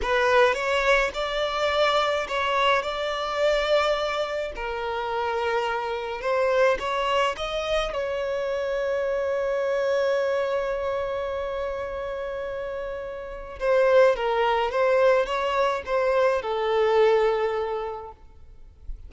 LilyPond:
\new Staff \with { instrumentName = "violin" } { \time 4/4 \tempo 4 = 106 b'4 cis''4 d''2 | cis''4 d''2. | ais'2. c''4 | cis''4 dis''4 cis''2~ |
cis''1~ | cis''1 | c''4 ais'4 c''4 cis''4 | c''4 a'2. | }